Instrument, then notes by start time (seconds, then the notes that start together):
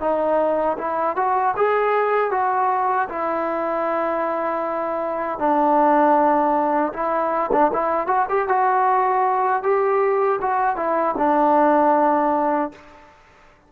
trombone
0.00 D#4
0.78 E4
1.16 F#4
1.56 G#4
2.31 F#4
3.09 E4
5.38 D4
6.93 E4
7.52 D4
7.73 E4
8.07 F#4
8.29 G4
8.48 F#4
9.63 G4
10.41 F#4
10.76 E4
11.17 D4